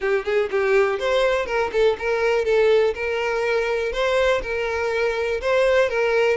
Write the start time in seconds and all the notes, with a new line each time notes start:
0.00 G4
0.25 G#4
0.51 G4
0.99 C5
1.46 A#4
1.72 A4
1.98 A#4
2.44 A4
2.94 A#4
3.92 C5
4.42 A#4
5.41 C5
5.89 A#4